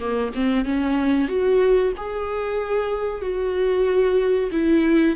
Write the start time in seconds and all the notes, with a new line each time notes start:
0.00 A#3
0.35 C4
0.65 C#4
1.28 F#4
1.97 G#4
3.22 F#4
4.52 E4